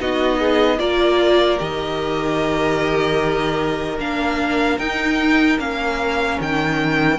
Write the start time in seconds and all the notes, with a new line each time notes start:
0.00 B3 D#4 F#4 D#5
0.39 G#4
0.79 A#3 F4 A#4 D5
1.58 D#3 G4 D#5
3.98 A#3 D4 F5
4.79 D#4 G5
5.58 A#3 C#4 F5
6.41 D#3 G5